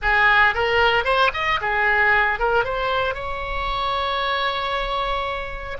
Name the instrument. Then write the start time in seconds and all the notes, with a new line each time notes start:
oboe
0.02 G#4
0.54 A#4
1.04 C5
1.33 D#5
1.61 G#4
2.39 A#4
2.64 C5
3.14 C#5